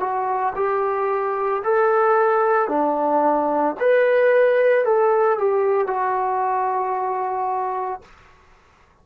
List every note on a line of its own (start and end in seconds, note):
0.00 0.54 F#4
0.56 1.63 G4
1.64 2.68 A4
2.68 3.75 D4
3.80 4.85 B4
4.85 5.38 A4
5.38 5.87 G4
5.87 8.01 F#4